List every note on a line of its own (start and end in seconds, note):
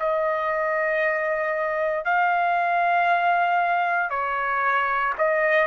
0.00 2.05 D#5
2.05 4.11 F5
4.11 5.14 C#5
5.18 5.68 D#5